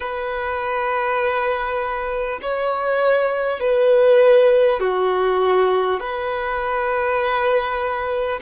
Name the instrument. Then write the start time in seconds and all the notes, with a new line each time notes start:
violin
0.00 B4
2.42 C#5
3.60 B4
4.79 F#4
5.99 B4